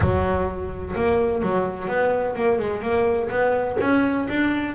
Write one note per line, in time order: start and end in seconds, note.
0.00 0.93 F#3
0.95 1.42 A#3
1.42 1.87 F#3
1.87 2.35 B3
2.35 2.59 A#3
2.59 2.82 G#3
2.82 3.29 A#3
3.30 3.77 B3
3.80 4.27 C#4
4.29 4.74 D4